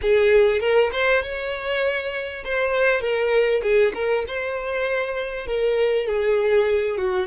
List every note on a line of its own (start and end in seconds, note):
0.01 0.60 G#4
0.60 0.90 A#4
0.92 1.22 C5
1.23 2.44 C#5
2.44 3.01 C5
3.01 3.61 A#4
3.62 3.93 G#4
3.94 4.24 A#4
4.27 5.46 C5
5.46 6.06 A#4
6.06 6.97 G#4
6.97 7.26 F#4